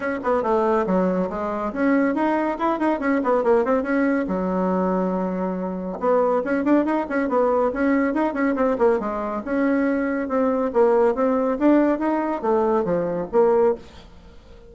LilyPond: \new Staff \with { instrumentName = "bassoon" } { \time 4/4 \tempo 4 = 140 cis'8 b8 a4 fis4 gis4 | cis'4 dis'4 e'8 dis'8 cis'8 b8 | ais8 c'8 cis'4 fis2~ | fis2 b4 cis'8 d'8 |
dis'8 cis'8 b4 cis'4 dis'8 cis'8 | c'8 ais8 gis4 cis'2 | c'4 ais4 c'4 d'4 | dis'4 a4 f4 ais4 | }